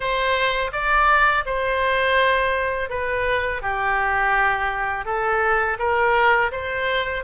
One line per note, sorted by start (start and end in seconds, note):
0.00 0.71 C5
0.72 1.44 D5
1.45 2.89 C5
2.89 3.61 B4
3.61 5.05 G4
5.05 5.77 A4
5.78 6.51 A#4
6.51 7.24 C5